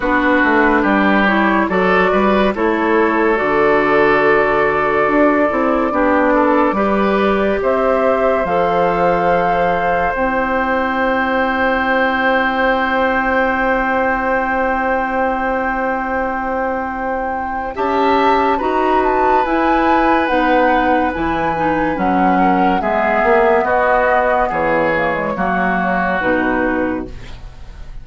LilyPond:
<<
  \new Staff \with { instrumentName = "flute" } { \time 4/4 \tempo 4 = 71 b'4. cis''8 d''4 cis''4 | d''1~ | d''4 e''4 f''2 | g''1~ |
g''1~ | g''4 a''4 ais''8 a''8 gis''4 | fis''4 gis''4 fis''4 e''4 | dis''4 cis''2 b'4 | }
  \new Staff \with { instrumentName = "oboe" } { \time 4/4 fis'4 g'4 a'8 b'8 a'4~ | a'2. g'8 a'8 | b'4 c''2.~ | c''1~ |
c''1~ | c''4 e''4 b'2~ | b'2~ b'8 ais'8 gis'4 | fis'4 gis'4 fis'2 | }
  \new Staff \with { instrumentName = "clarinet" } { \time 4/4 d'4. e'8 fis'4 e'4 | fis'2~ fis'8 e'8 d'4 | g'2 a'2 | e'1~ |
e'1~ | e'4 g'4 fis'4 e'4 | dis'4 e'8 dis'8 cis'4 b4~ | b4. ais16 gis16 ais4 dis'4 | }
  \new Staff \with { instrumentName = "bassoon" } { \time 4/4 b8 a8 g4 fis8 g8 a4 | d2 d'8 c'8 b4 | g4 c'4 f2 | c'1~ |
c'1~ | c'4 cis'4 dis'4 e'4 | b4 e4 fis4 gis8 ais8 | b4 e4 fis4 b,4 | }
>>